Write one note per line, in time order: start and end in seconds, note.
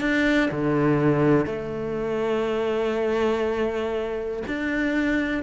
0.00 0.50 D4
0.51 1.45 D3
1.45 4.43 A3
4.47 5.43 D4